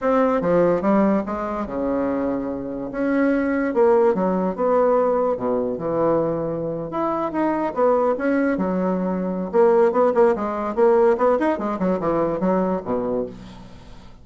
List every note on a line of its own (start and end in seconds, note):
0.01 0.41 C4
0.41 0.81 F3
0.81 1.22 G3
1.26 1.66 G#3
1.66 2.90 C#3
2.91 3.74 C#4
3.74 4.14 A#3
4.14 4.55 F#3
4.55 5.36 B3
5.36 5.77 B2
5.77 6.90 E3
6.90 7.32 E4
7.32 7.73 D#4
7.74 8.15 B3
8.18 8.57 C#4
8.57 9.50 F#3
9.52 9.92 A#3
9.92 10.12 B3
10.14 10.35 A#3
10.35 10.75 G#3
10.75 11.16 A#3
11.17 11.38 B3
11.39 11.58 D#4
11.58 11.79 G#3
11.79 11.99 F#3
12.00 12.39 E3
12.39 12.81 F#3
12.84 13.26 B2